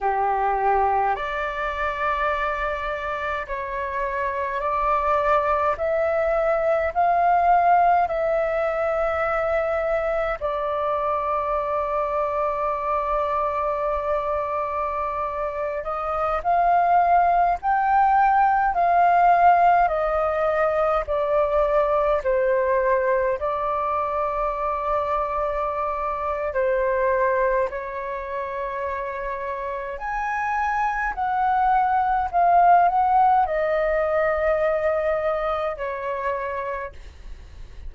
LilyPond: \new Staff \with { instrumentName = "flute" } { \time 4/4 \tempo 4 = 52 g'4 d''2 cis''4 | d''4 e''4 f''4 e''4~ | e''4 d''2.~ | d''4.~ d''16 dis''8 f''4 g''8.~ |
g''16 f''4 dis''4 d''4 c''8.~ | c''16 d''2~ d''8. c''4 | cis''2 gis''4 fis''4 | f''8 fis''8 dis''2 cis''4 | }